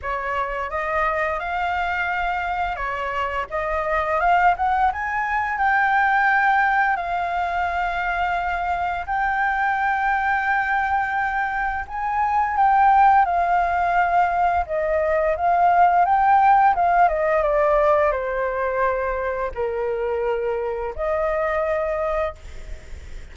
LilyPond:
\new Staff \with { instrumentName = "flute" } { \time 4/4 \tempo 4 = 86 cis''4 dis''4 f''2 | cis''4 dis''4 f''8 fis''8 gis''4 | g''2 f''2~ | f''4 g''2.~ |
g''4 gis''4 g''4 f''4~ | f''4 dis''4 f''4 g''4 | f''8 dis''8 d''4 c''2 | ais'2 dis''2 | }